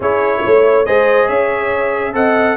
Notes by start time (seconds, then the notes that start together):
0.00 C#4 E4 G#4 C#5
0.43 A3 C#5
0.85 G#3 G#4 C5 D#5
1.27 C#4 C#5 E5
2.13 C4 A4 D#5 F#5